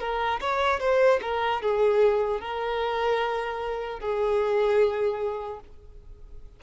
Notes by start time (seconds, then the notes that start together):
0.00 A#4
0.41 C#5
0.80 C5
1.22 A#4
1.62 G#4
2.40 A#4
4.00 G#4